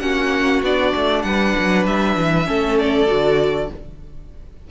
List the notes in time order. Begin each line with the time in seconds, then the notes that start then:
0.00 A#3 C#4 F#4 F#5
0.62 B3 D4 D5
0.95 A3
1.22 G3 B4 F#5
1.59 F#3
1.86 G3 E5
2.17 E3
2.46 A3 C#4 A4
2.78 D5
3.07 D3 F#4